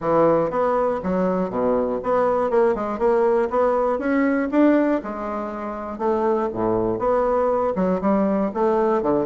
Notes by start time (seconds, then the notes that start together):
0.00 E3
0.50 B3
1.03 F#3
1.50 B2
2.03 B3
2.50 A#3
2.74 G#3
2.98 A#3
3.50 B3
3.98 C#4
4.51 D4
5.03 G#3
5.98 A3
6.53 A2
6.98 B3
7.75 F#3
8.01 G3
8.54 A3
9.02 D3